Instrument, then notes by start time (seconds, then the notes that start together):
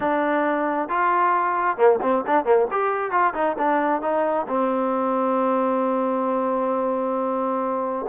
trombone
0.00 D4
0.88 F4
1.77 A#3
2.01 C4
2.27 D4
2.44 A#3
2.71 G4
3.11 F4
3.34 D#4
3.58 D4
4.01 D#4
4.48 C4